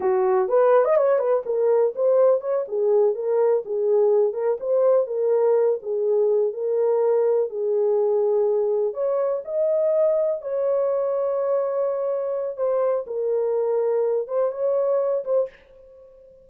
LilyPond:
\new Staff \with { instrumentName = "horn" } { \time 4/4 \tempo 4 = 124 fis'4 b'8. dis''16 cis''8 b'8 ais'4 | c''4 cis''8 gis'4 ais'4 gis'8~ | gis'4 ais'8 c''4 ais'4. | gis'4. ais'2 gis'8~ |
gis'2~ gis'8 cis''4 dis''8~ | dis''4. cis''2~ cis''8~ | cis''2 c''4 ais'4~ | ais'4. c''8 cis''4. c''8 | }